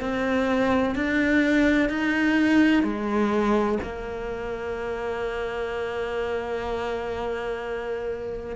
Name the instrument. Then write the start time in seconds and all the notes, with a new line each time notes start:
cello
0.00 C4
0.95 D4
1.89 D#4
2.83 G#3
3.83 A#3